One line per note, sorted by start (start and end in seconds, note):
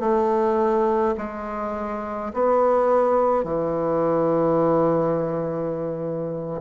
0.00 1.15 A3
1.17 2.33 G#3
2.33 3.44 B3
3.44 6.61 E3